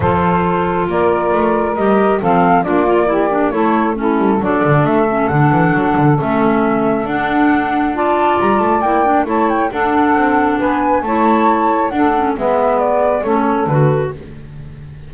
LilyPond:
<<
  \new Staff \with { instrumentName = "flute" } { \time 4/4 \tempo 4 = 136 c''2 d''2 | dis''4 f''4 d''2 | cis''4 a'4 d''4 e''4 | fis''2 e''2 |
fis''2 a''4 ais''8 a''8 | g''4 a''8 g''8 fis''2 | gis''4 a''2 fis''4 | e''4 d''4 cis''4 b'4 | }
  \new Staff \with { instrumentName = "saxophone" } { \time 4/4 a'2 ais'2~ | ais'4 a'4 f'4 g'4 | a'4 e'4 a'2~ | a'1~ |
a'2 d''2~ | d''4 cis''4 a'2 | b'4 cis''2 a'4 | b'2 a'2 | }
  \new Staff \with { instrumentName = "clarinet" } { \time 4/4 f'1 | g'4 c'4 d'8 f'8 e'8 d'8 | e'4 cis'4 d'4. cis'8 | d'2 cis'2 |
d'2 f'2 | e'8 d'8 e'4 d'2~ | d'4 e'2 d'8 cis'8 | b2 cis'4 fis'4 | }
  \new Staff \with { instrumentName = "double bass" } { \time 4/4 f2 ais4 a4 | g4 f4 ais2 | a4. g8 fis8 d8 a4 | d8 e8 fis8 d8 a2 |
d'2. g8 a8 | ais4 a4 d'4 c'4 | b4 a2 d'4 | gis2 a4 d4 | }
>>